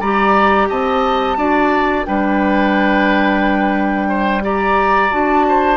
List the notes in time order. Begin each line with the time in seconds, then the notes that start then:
0.00 G3 G4 D5 A#5
0.69 C4 D#5 A5
1.37 D4 F#4 D5
2.05 G3 D4 B4 G5
4.09 C5
4.42 G4 D5 A#5
5.11 D4 F#4 A5
5.48 C5